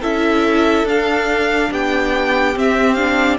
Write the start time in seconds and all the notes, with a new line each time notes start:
0.00 C#4 E4 A4 E5
0.83 D4 F5
1.70 B3 G4 G5
2.55 C4 E5
2.93 D4 F5